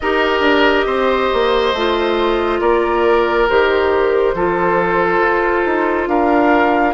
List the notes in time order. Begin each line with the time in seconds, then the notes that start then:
0.00 D#4 G4 A#4 D#5
0.40 D4
0.86 C4 C5
1.33 A#3
1.73 A3 F4
2.60 A#3 A#4 D5
3.49 D#3 G4 C5
4.34 F3 F4 A4
5.19 F4
5.65 D#4
6.07 D4 A#4 F5